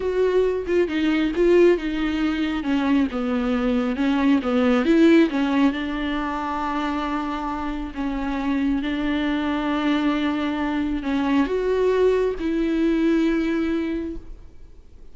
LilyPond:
\new Staff \with { instrumentName = "viola" } { \time 4/4 \tempo 4 = 136 fis'4. f'8 dis'4 f'4 | dis'2 cis'4 b4~ | b4 cis'4 b4 e'4 | cis'4 d'2.~ |
d'2 cis'2 | d'1~ | d'4 cis'4 fis'2 | e'1 | }